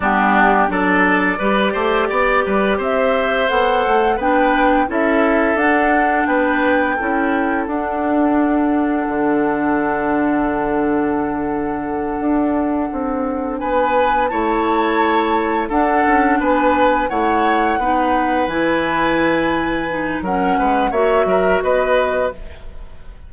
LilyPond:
<<
  \new Staff \with { instrumentName = "flute" } { \time 4/4 \tempo 4 = 86 g'4 d''2. | e''4 fis''4 g''4 e''4 | fis''4 g''2 fis''4~ | fis''1~ |
fis''2.~ fis''8 gis''8~ | gis''8 a''2 fis''4 gis''8~ | gis''8 fis''2 gis''4.~ | gis''4 fis''4 e''4 dis''4 | }
  \new Staff \with { instrumentName = "oboe" } { \time 4/4 d'4 a'4 b'8 c''8 d''8 b'8 | c''2 b'4 a'4~ | a'4 b'4 a'2~ | a'1~ |
a'2.~ a'8 b'8~ | b'8 cis''2 a'4 b'8~ | b'8 cis''4 b'2~ b'8~ | b'4 ais'8 b'8 cis''8 ais'8 b'4 | }
  \new Staff \with { instrumentName = "clarinet" } { \time 4/4 b4 d'4 g'2~ | g'4 a'4 d'4 e'4 | d'2 e'4 d'4~ | d'1~ |
d'1~ | d'8 e'2 d'4.~ | d'8 e'4 dis'4 e'4.~ | e'8 dis'8 cis'4 fis'2 | }
  \new Staff \with { instrumentName = "bassoon" } { \time 4/4 g4 fis4 g8 a8 b8 g8 | c'4 b8 a8 b4 cis'4 | d'4 b4 cis'4 d'4~ | d'4 d2.~ |
d4. d'4 c'4 b8~ | b8 a2 d'8 cis'8 b8~ | b8 a4 b4 e4.~ | e4 fis8 gis8 ais8 fis8 b4 | }
>>